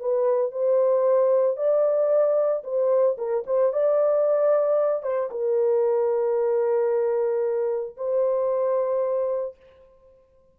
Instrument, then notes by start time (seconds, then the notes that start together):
horn
0.00 B4
0.51 C5
1.57 D5
2.64 C5
3.18 A#4
3.46 C5
3.73 D5
5.03 C5
5.31 A#4
7.97 C5